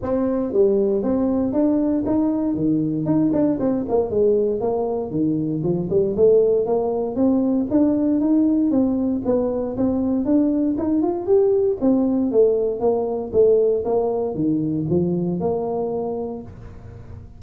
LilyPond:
\new Staff \with { instrumentName = "tuba" } { \time 4/4 \tempo 4 = 117 c'4 g4 c'4 d'4 | dis'4 dis4 dis'8 d'8 c'8 ais8 | gis4 ais4 dis4 f8 g8 | a4 ais4 c'4 d'4 |
dis'4 c'4 b4 c'4 | d'4 dis'8 f'8 g'4 c'4 | a4 ais4 a4 ais4 | dis4 f4 ais2 | }